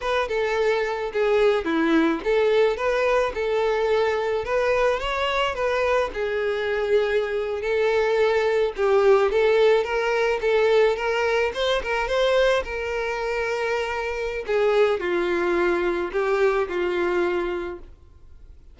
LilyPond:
\new Staff \with { instrumentName = "violin" } { \time 4/4 \tempo 4 = 108 b'8 a'4. gis'4 e'4 | a'4 b'4 a'2 | b'4 cis''4 b'4 gis'4~ | gis'4.~ gis'16 a'2 g'16~ |
g'8. a'4 ais'4 a'4 ais'16~ | ais'8. c''8 ais'8 c''4 ais'4~ ais'16~ | ais'2 gis'4 f'4~ | f'4 g'4 f'2 | }